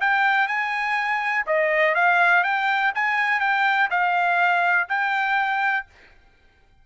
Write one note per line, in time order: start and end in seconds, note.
0.00 0.47 G5
0.47 1.45 G#5
1.46 1.94 D#5
1.94 2.43 F5
2.43 2.92 G5
2.94 3.40 G#5
3.40 3.88 G5
3.90 4.88 F5
4.88 5.86 G5